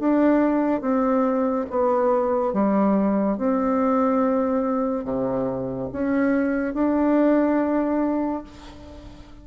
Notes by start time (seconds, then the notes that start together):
0.00 D4
0.81 C4
1.70 B3
2.54 G3
3.38 C4
5.05 C3
5.93 C#4
6.75 D4